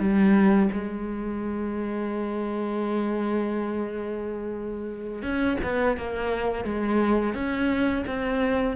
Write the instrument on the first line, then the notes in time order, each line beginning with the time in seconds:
cello
0.00 G3
0.73 G#3
5.23 C#4
5.64 B3
5.98 A#3
6.65 G#3
7.35 C#4
8.07 C4